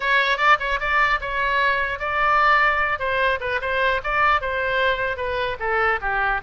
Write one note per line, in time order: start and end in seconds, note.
0.00 0.37 C#5
0.37 0.57 D5
0.59 0.79 C#5
0.80 1.20 D5
1.20 1.99 C#5
1.99 2.99 D5
2.99 3.39 C5
3.40 3.60 B4
3.61 4.01 C5
4.03 4.41 D5
4.41 5.17 C5
5.17 5.57 B4
5.59 5.99 A4
6.01 6.41 G4